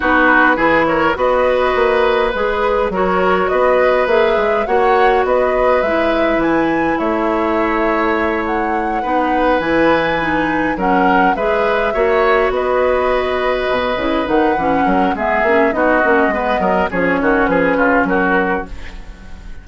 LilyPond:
<<
  \new Staff \with { instrumentName = "flute" } { \time 4/4 \tempo 4 = 103 b'4. cis''8 dis''2 | b'4 cis''4 dis''4 e''4 | fis''4 dis''4 e''4 gis''4 | e''2~ e''8 fis''4.~ |
fis''8 gis''2 fis''4 e''8~ | e''4. dis''2~ dis''8~ | dis''8 fis''4. e''4 dis''4~ | dis''4 cis''4 b'4 ais'4 | }
  \new Staff \with { instrumentName = "oboe" } { \time 4/4 fis'4 gis'8 ais'8 b'2~ | b'4 ais'4 b'2 | cis''4 b'2. | cis''2.~ cis''8 b'8~ |
b'2~ b'8 ais'4 b'8~ | b'8 cis''4 b'2~ b'8~ | b'4. ais'8 gis'4 fis'4 | b'8 ais'8 gis'8 fis'8 gis'8 f'8 fis'4 | }
  \new Staff \with { instrumentName = "clarinet" } { \time 4/4 dis'4 e'4 fis'2 | gis'4 fis'2 gis'4 | fis'2 e'2~ | e'2.~ e'8 dis'8~ |
dis'8 e'4 dis'4 cis'4 gis'8~ | gis'8 fis'2.~ fis'8 | e'8 dis'8 cis'4 b8 cis'8 dis'8 cis'8 | b4 cis'2. | }
  \new Staff \with { instrumentName = "bassoon" } { \time 4/4 b4 e4 b4 ais4 | gis4 fis4 b4 ais8 gis8 | ais4 b4 gis4 e4 | a2.~ a8 b8~ |
b8 e2 fis4 gis8~ | gis8 ais4 b2 b,8 | cis8 dis8 e8 fis8 gis8 ais8 b8 ais8 | gis8 fis8 f8 dis8 f8 cis8 fis4 | }
>>